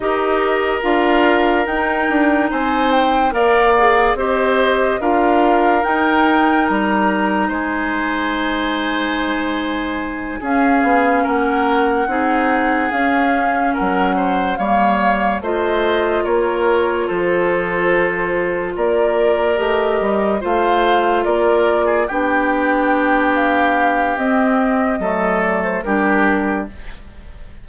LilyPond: <<
  \new Staff \with { instrumentName = "flute" } { \time 4/4 \tempo 4 = 72 dis''4 f''4 g''4 gis''8 g''8 | f''4 dis''4 f''4 g''4 | ais''4 gis''2.~ | gis''8 f''4 fis''2 f''8~ |
f''8 fis''4 f''4 dis''4 cis''8~ | cis''8 c''2 d''4 dis''8~ | dis''8 f''4 d''4 g''4. | f''4 dis''4. d''16 c''16 ais'4 | }
  \new Staff \with { instrumentName = "oboe" } { \time 4/4 ais'2. c''4 | d''4 c''4 ais'2~ | ais'4 c''2.~ | c''8 gis'4 ais'4 gis'4.~ |
gis'8 ais'8 c''8 cis''4 c''4 ais'8~ | ais'8 a'2 ais'4.~ | ais'8 c''4 ais'8. gis'16 g'4.~ | g'2 a'4 g'4 | }
  \new Staff \with { instrumentName = "clarinet" } { \time 4/4 g'4 f'4 dis'2 | ais'8 gis'8 g'4 f'4 dis'4~ | dis'1~ | dis'8 cis'2 dis'4 cis'8~ |
cis'4. ais4 f'4.~ | f'2.~ f'8 g'8~ | g'8 f'2 d'4.~ | d'4 c'4 a4 d'4 | }
  \new Staff \with { instrumentName = "bassoon" } { \time 4/4 dis'4 d'4 dis'8 d'8 c'4 | ais4 c'4 d'4 dis'4 | g4 gis2.~ | gis8 cis'8 b8 ais4 c'4 cis'8~ |
cis'8 fis4 g4 a4 ais8~ | ais8 f2 ais4 a8 | g8 a4 ais4 b4.~ | b4 c'4 fis4 g4 | }
>>